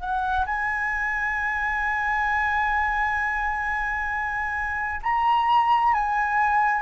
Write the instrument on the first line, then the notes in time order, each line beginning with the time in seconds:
flute
0.00 F#5
0.46 G#5
5.03 A#5
5.94 G#5